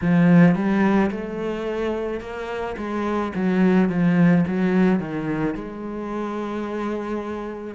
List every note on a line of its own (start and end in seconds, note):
0.01 0.55 F3
0.55 1.10 G3
1.11 2.20 A3
2.20 2.75 A#3
2.77 3.32 G#3
3.35 3.89 F#3
3.89 4.44 F3
4.47 4.99 F#3
4.99 5.55 D#3
5.55 7.75 G#3